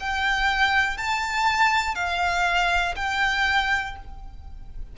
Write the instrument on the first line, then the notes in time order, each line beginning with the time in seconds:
violin
0.00 G5
0.98 A5
1.95 F5
2.96 G5